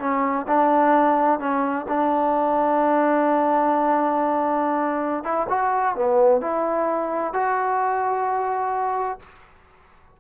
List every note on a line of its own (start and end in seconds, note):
0.00 0.47 C#4
0.48 1.40 D4
1.40 1.86 C#4
1.89 5.24 D4
5.24 5.47 E4
5.49 5.96 F#4
5.96 6.41 B3
6.41 7.34 E4
7.34 9.20 F#4